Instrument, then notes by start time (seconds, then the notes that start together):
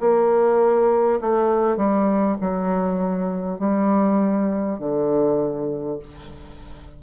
bassoon
0.00 A#3
1.20 A3
1.77 G3
2.41 F#3
3.58 G3
4.78 D3